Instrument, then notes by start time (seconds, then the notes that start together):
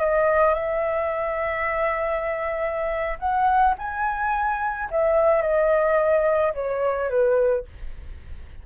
flute
0.00 D#5
0.54 E5
3.19 F#5
3.78 G#5
4.91 E5
5.42 D#5
6.54 C#5
7.10 B4